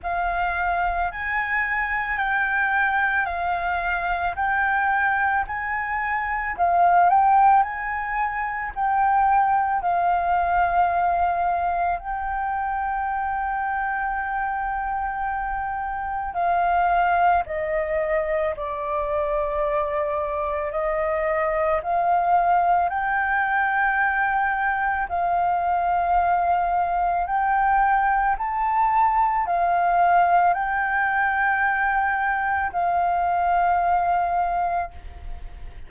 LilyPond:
\new Staff \with { instrumentName = "flute" } { \time 4/4 \tempo 4 = 55 f''4 gis''4 g''4 f''4 | g''4 gis''4 f''8 g''8 gis''4 | g''4 f''2 g''4~ | g''2. f''4 |
dis''4 d''2 dis''4 | f''4 g''2 f''4~ | f''4 g''4 a''4 f''4 | g''2 f''2 | }